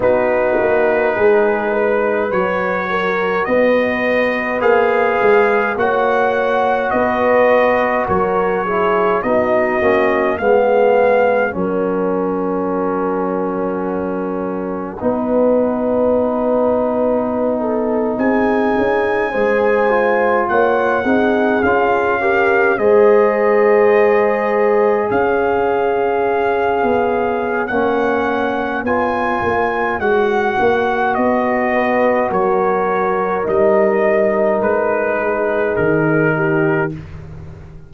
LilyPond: <<
  \new Staff \with { instrumentName = "trumpet" } { \time 4/4 \tempo 4 = 52 b'2 cis''4 dis''4 | f''4 fis''4 dis''4 cis''4 | dis''4 f''4 fis''2~ | fis''2.~ fis''8. gis''16~ |
gis''4.~ gis''16 fis''4 f''4 dis''16~ | dis''4.~ dis''16 f''2~ f''16 | fis''4 gis''4 fis''4 dis''4 | cis''4 dis''4 b'4 ais'4 | }
  \new Staff \with { instrumentName = "horn" } { \time 4/4 fis'4 gis'8 b'4 ais'8 b'4~ | b'4 cis''4 b'4 ais'8 gis'8 | fis'4 gis'4 ais'2~ | ais'4 b'2~ b'16 a'8 gis'16~ |
gis'8. c''4 cis''8 gis'4 ais'8 c''16~ | c''4.~ c''16 cis''2~ cis''16~ | cis''2.~ cis''8 b'8 | ais'2~ ais'8 gis'4 g'8 | }
  \new Staff \with { instrumentName = "trombone" } { \time 4/4 dis'2 fis'2 | gis'4 fis'2~ fis'8 e'8 | dis'8 cis'8 b4 cis'2~ | cis'4 dis'2.~ |
dis'8. gis'8 f'4 dis'8 f'8 g'8 gis'16~ | gis'1 | cis'4 f'4 fis'2~ | fis'4 dis'2. | }
  \new Staff \with { instrumentName = "tuba" } { \time 4/4 b8 ais8 gis4 fis4 b4 | ais8 gis8 ais4 b4 fis4 | b8 ais8 gis4 fis2~ | fis4 b2~ b8. c'16~ |
c'16 cis'8 gis4 ais8 c'8 cis'4 gis16~ | gis4.~ gis16 cis'4. b8. | ais4 b8 ais8 gis8 ais8 b4 | fis4 g4 gis4 dis4 | }
>>